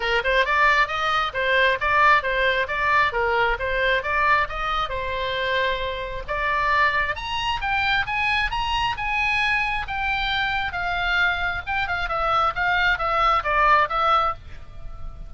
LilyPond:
\new Staff \with { instrumentName = "oboe" } { \time 4/4 \tempo 4 = 134 ais'8 c''8 d''4 dis''4 c''4 | d''4 c''4 d''4 ais'4 | c''4 d''4 dis''4 c''4~ | c''2 d''2 |
ais''4 g''4 gis''4 ais''4 | gis''2 g''2 | f''2 g''8 f''8 e''4 | f''4 e''4 d''4 e''4 | }